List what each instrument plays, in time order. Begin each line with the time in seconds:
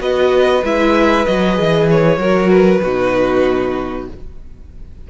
0.00 cello B3, viola F#4, violin B4 D#5
0.64 cello G#3, viola E4, violin E5
1.26 cello F#3, viola F#4, violin D#5
1.54 cello E3, viola G#4
1.91 violin C#5
2.18 cello F#3, viola F#4, violin A#4
2.51 violin B4
2.83 cello B2, viola D#4, violin F#4